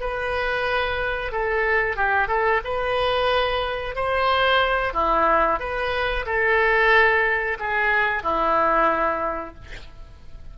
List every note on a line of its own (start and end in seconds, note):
0.00 1.31 B4
1.31 1.96 A4
1.96 2.27 G4
2.27 2.60 A4
2.64 3.95 B4
3.95 4.93 C5
4.93 5.59 E4
5.59 6.25 B4
6.25 7.57 A4
7.59 8.22 G#4
8.22 9.54 E4